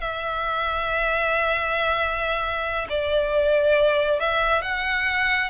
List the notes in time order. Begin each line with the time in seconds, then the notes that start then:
0.00 E5
2.89 D5
4.19 E5
4.62 F#5